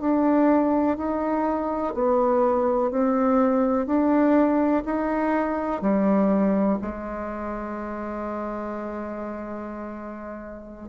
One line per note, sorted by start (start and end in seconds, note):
0.00 0.97 D4
0.97 1.94 D#4
1.94 2.90 B3
2.90 3.86 C4
3.86 4.83 D4
4.85 5.82 D#4
5.82 6.78 G3
6.81 10.89 G#3